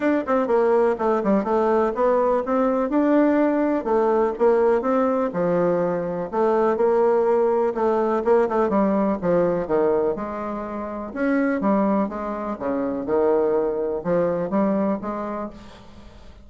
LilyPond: \new Staff \with { instrumentName = "bassoon" } { \time 4/4 \tempo 4 = 124 d'8 c'8 ais4 a8 g8 a4 | b4 c'4 d'2 | a4 ais4 c'4 f4~ | f4 a4 ais2 |
a4 ais8 a8 g4 f4 | dis4 gis2 cis'4 | g4 gis4 cis4 dis4~ | dis4 f4 g4 gis4 | }